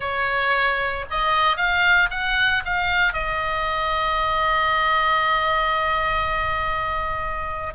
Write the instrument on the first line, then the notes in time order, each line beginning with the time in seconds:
oboe
0.00 C#5
1.10 D#5
1.56 F5
2.10 F#5
2.65 F5
3.13 D#5